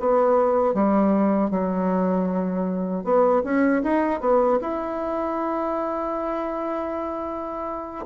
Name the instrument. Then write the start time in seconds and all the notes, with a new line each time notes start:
bassoon
0.00 B3
0.74 G3
1.51 F#3
3.05 B3
3.44 C#4
3.84 D#4
4.21 B3
4.62 E4